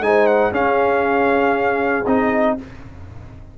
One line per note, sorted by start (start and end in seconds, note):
0.00 0.51 G#3
0.00 0.52 D#4
0.00 0.52 C5
0.00 0.27 G#5
0.27 0.52 F#5
0.51 2.04 C#4
0.51 2.05 C#4
0.51 2.56 G#4
0.51 2.06 F5
2.06 2.57 C4
2.06 2.58 D#4
2.06 2.57 D#5